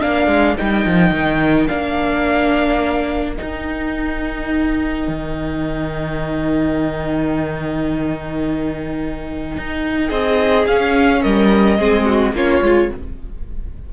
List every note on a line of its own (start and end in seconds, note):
0.00 0.27 A#3
0.00 0.56 D4
0.00 10.08 A#4
0.00 0.57 F5
0.27 0.55 G#3
0.57 0.86 G3
0.57 1.67 D#4
0.57 1.68 G5
0.86 1.11 F3
1.11 1.67 D#3
1.67 3.38 A#3
1.67 3.36 D4
1.67 3.36 F5
3.36 10.65 D#4
3.36 5.07 D#4
3.36 10.08 G5
5.07 9.56 D#3
9.57 10.11 D#4
10.08 10.67 C4
10.08 11.20 G#4
10.08 10.65 D#5
10.67 11.23 C#4
10.67 11.78 C#4
10.67 11.22 F5
11.21 11.78 G3
11.21 11.77 A#4
11.21 12.34 D#5
11.78 12.32 G#3
11.78 12.34 C4
11.78 12.05 G#4
12.05 12.34 F#4
12.32 12.60 A#3
12.32 12.63 C#4
12.32 12.91 F4
12.32 12.92 C#5
12.62 12.90 G#3
12.62 12.92 F4